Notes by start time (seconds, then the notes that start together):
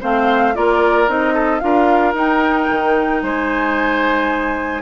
0.00 A3 C4 C5 F5
0.54 A#3 F4 A#4 D5
1.07 C4 D#4 D#5
1.33 A4
1.59 D4 F4 A#4 F5
2.14 D#4 G5
2.69 D#3
3.22 G#3 C5 G#5